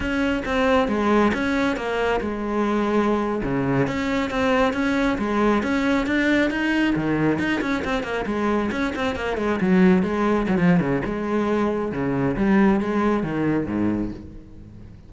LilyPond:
\new Staff \with { instrumentName = "cello" } { \time 4/4 \tempo 4 = 136 cis'4 c'4 gis4 cis'4 | ais4 gis2~ gis8. cis16~ | cis8. cis'4 c'4 cis'4 gis16~ | gis8. cis'4 d'4 dis'4 dis16~ |
dis8. dis'8 cis'8 c'8 ais8 gis4 cis'16~ | cis'16 c'8 ais8 gis8 fis4 gis4 fis16 | f8 cis8 gis2 cis4 | g4 gis4 dis4 gis,4 | }